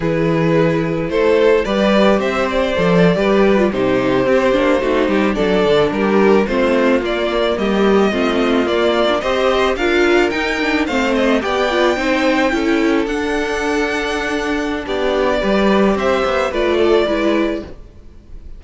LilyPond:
<<
  \new Staff \with { instrumentName = "violin" } { \time 4/4 \tempo 4 = 109 b'2 c''4 d''4 | e''8 d''2~ d''16 c''4~ c''16~ | c''4.~ c''16 d''4 ais'4 c''16~ | c''8. d''4 dis''2 d''16~ |
d''8. dis''4 f''4 g''4 f''16~ | f''16 dis''8 g''2. fis''16~ | fis''2. d''4~ | d''4 e''4 d''2 | }
  \new Staff \with { instrumentName = "violin" } { \time 4/4 gis'2 a'4 b'4 | c''4.~ c''16 b'4 g'4~ g'16~ | g'8. fis'8 g'8 a'4 g'4 f'16~ | f'4.~ f'16 g'4 f'4~ f'16~ |
f'8. c''4 ais'2 c''16~ | c''8. d''4 c''4 a'4~ a'16~ | a'2. g'4 | b'4 c''4 b'8 a'8 b'4 | }
  \new Staff \with { instrumentName = "viola" } { \time 4/4 e'2. g'4~ | g'4 a'8. g'8. f'16 dis'4 c'16~ | c'16 d'8 dis'4 d'2 c'16~ | c'8. ais2 c'4 ais16~ |
ais8 d'16 g'4 f'4 dis'8 d'8 c'16~ | c'8. g'8 f'8 dis'4 e'4 d'16~ | d'1 | g'2 f'4 e'4 | }
  \new Staff \with { instrumentName = "cello" } { \time 4/4 e2 a4 g4 | c'4 f8. g4 c4 c'16~ | c'16 ais8 a8 g8 fis8 d8 g4 a16~ | a8. ais4 g4 a4 ais16~ |
ais8. c'4 d'4 dis'4 a16~ | a8. b4 c'4 cis'4 d'16~ | d'2. b4 | g4 c'8 b8 a4 gis4 | }
>>